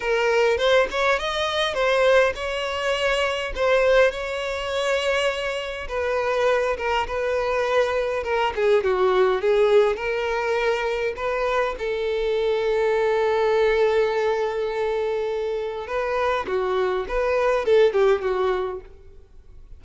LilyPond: \new Staff \with { instrumentName = "violin" } { \time 4/4 \tempo 4 = 102 ais'4 c''8 cis''8 dis''4 c''4 | cis''2 c''4 cis''4~ | cis''2 b'4. ais'8 | b'2 ais'8 gis'8 fis'4 |
gis'4 ais'2 b'4 | a'1~ | a'2. b'4 | fis'4 b'4 a'8 g'8 fis'4 | }